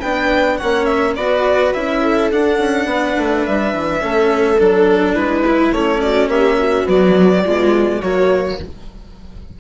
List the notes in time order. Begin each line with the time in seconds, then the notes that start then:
0.00 B3 D4 B4 G5
0.57 A#3 C#4 C#5 F#5
0.85 E5
1.16 B3 F#4 B4 D5
1.74 C#4 E4 E5
2.02 A4
2.31 D4 F#5
2.58 C#4
2.85 B3 B4
3.18 A3
3.46 G3 E5
3.73 E3
4.00 A3 C#4 A4
4.58 F#3 D4 A4
5.14 G#3 E4 B4
5.46 E4
5.72 A3 C#4 C#5
6.01 F#4 D5
6.28 A#3 G4 E5
6.58 F#4
6.84 F#3 B3 D5
7.45 B2 G#3 F4
8.01 F#3 A#3 F#4 C#5